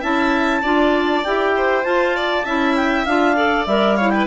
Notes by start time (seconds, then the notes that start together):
0.00 C#4 E4 E5 A5
0.62 D4 F4 D5
1.23 E4 G4 G5
1.56 C5
1.83 F4 A5
2.16 D5
2.44 C#4 E4 E5
2.75 G5
3.05 D4 F4 F5
3.35 A4 D5
3.66 G3 A#4 E5
3.95 E4 C#5 F5
4.10 B4 G5